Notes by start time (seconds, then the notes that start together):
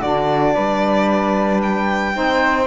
0.00 D3 D4 F#4 D5
0.55 G3 B4
1.63 G5
2.13 C4 D#4 C5